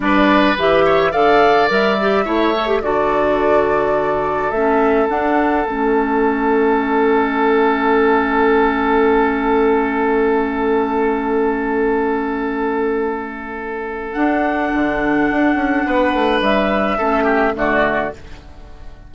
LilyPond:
<<
  \new Staff \with { instrumentName = "flute" } { \time 4/4 \tempo 4 = 106 d''4 e''4 f''4 e''4~ | e''4 d''2. | e''4 fis''4 e''2~ | e''1~ |
e''1~ | e''1~ | e''4 fis''2.~ | fis''4 e''2 d''4 | }
  \new Staff \with { instrumentName = "oboe" } { \time 4/4 b'4. cis''8 d''2 | cis''4 a'2.~ | a'1~ | a'1~ |
a'1~ | a'1~ | a'1 | b'2 a'8 g'8 fis'4 | }
  \new Staff \with { instrumentName = "clarinet" } { \time 4/4 d'4 g'4 a'4 ais'8 g'8 | e'8 a'16 g'16 fis'2. | cis'4 d'4 cis'2~ | cis'1~ |
cis'1~ | cis'1~ | cis'4 d'2.~ | d'2 cis'4 a4 | }
  \new Staff \with { instrumentName = "bassoon" } { \time 4/4 g4 e4 d4 g4 | a4 d2. | a4 d'4 a2~ | a1~ |
a1~ | a1~ | a4 d'4 d4 d'8 cis'8 | b8 a8 g4 a4 d4 | }
>>